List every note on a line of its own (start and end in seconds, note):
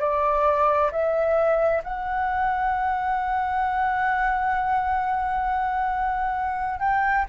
0.00 0.91 D5
0.92 1.83 E5
1.83 6.80 F#5
6.80 7.25 G5